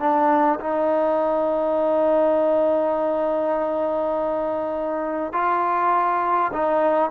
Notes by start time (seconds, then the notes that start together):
0.00 D4
0.60 D#4
5.33 F4
6.53 D#4